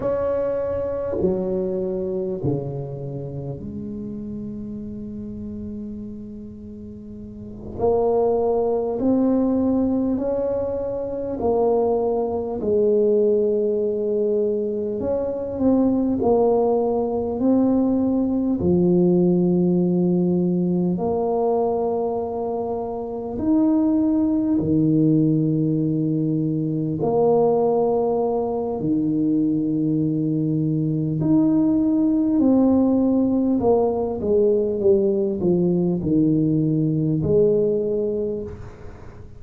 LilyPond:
\new Staff \with { instrumentName = "tuba" } { \time 4/4 \tempo 4 = 50 cis'4 fis4 cis4 gis4~ | gis2~ gis8 ais4 c'8~ | c'8 cis'4 ais4 gis4.~ | gis8 cis'8 c'8 ais4 c'4 f8~ |
f4. ais2 dis'8~ | dis'8 dis2 ais4. | dis2 dis'4 c'4 | ais8 gis8 g8 f8 dis4 gis4 | }